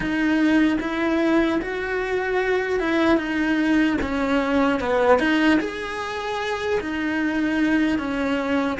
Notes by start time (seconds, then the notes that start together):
0.00 D#4
0.80 E4
1.61 F#4
2.79 E4
3.17 D#4
4.01 C#4
4.80 B3
5.19 D#4
5.60 G#4
6.80 D#4
7.98 C#4